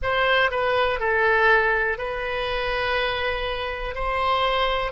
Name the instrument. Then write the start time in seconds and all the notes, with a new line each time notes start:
oboe
0.02 C5
0.51 B4
0.99 A4
1.98 B4
3.94 C5